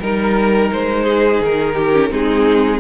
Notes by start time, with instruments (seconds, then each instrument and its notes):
0.00 cello G3, viola D#4, violin A#4
0.72 cello G#3, violin C5
1.04 violin G#4
1.40 cello D#3, violin A#4
1.75 violin G4
1.93 viola C#4
2.10 cello G#3, viola C4, violin D#4 G#4